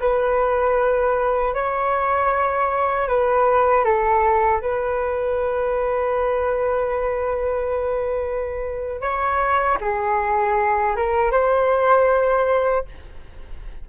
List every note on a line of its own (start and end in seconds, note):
0.00 1.54 B4
1.54 3.08 C#5
3.08 3.85 B4
3.85 4.61 A4
4.61 9.01 B4
9.01 9.78 C#5
9.81 10.96 G#4
10.96 11.31 A#4
11.31 12.85 C5